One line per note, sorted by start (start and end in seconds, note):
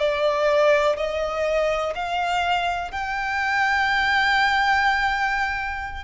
0.00 0.97 D5
0.97 1.94 D#5
1.95 2.92 F5
2.92 6.04 G5